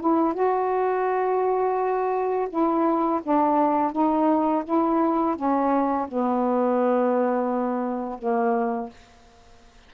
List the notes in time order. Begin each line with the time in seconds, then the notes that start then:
0.00 E4
0.34 F#4
2.49 E4
3.23 D4
3.92 D#4
4.64 E4
5.36 C#4
6.08 B3
8.18 A#3